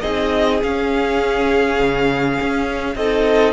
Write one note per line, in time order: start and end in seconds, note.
0.00 0.62 C4
0.00 0.61 D#4
0.00 2.96 G#4
0.00 0.59 D#5
0.62 2.97 C#4
0.62 1.79 C#4
0.62 2.96 F5
1.79 2.38 C#3
2.41 2.95 C#4
2.95 3.52 C4
2.95 3.52 D#4
2.95 3.52 A4
2.95 3.52 D#5